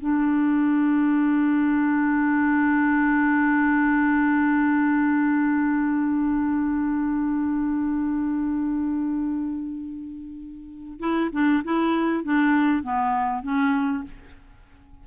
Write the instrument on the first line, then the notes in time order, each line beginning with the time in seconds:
clarinet
0.00 D4
11.00 E4
11.33 D4
11.64 E4
12.24 D4
12.83 B3
13.43 C#4